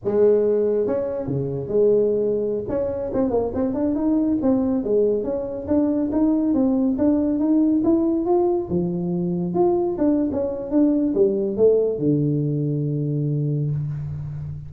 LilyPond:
\new Staff \with { instrumentName = "tuba" } { \time 4/4 \tempo 4 = 140 gis2 cis'4 cis4 | gis2~ gis16 cis'4 c'8 ais16~ | ais16 c'8 d'8 dis'4 c'4 gis8.~ | gis16 cis'4 d'4 dis'4 c'8.~ |
c'16 d'4 dis'4 e'4 f'8.~ | f'16 f2 f'4 d'8. | cis'4 d'4 g4 a4 | d1 | }